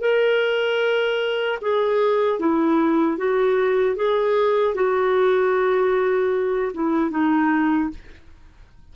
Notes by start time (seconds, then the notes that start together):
0.00 A#4
1.61 G#4
2.39 E4
3.17 F#4
3.95 G#4
4.74 F#4
6.73 E4
7.10 D#4